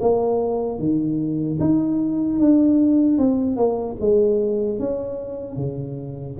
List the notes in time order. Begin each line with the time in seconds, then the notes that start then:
0.00 A#3
0.79 D#3
1.60 D#4
2.40 D4
3.18 C4
3.56 A#3
4.00 G#3
4.79 C#4
5.56 C#3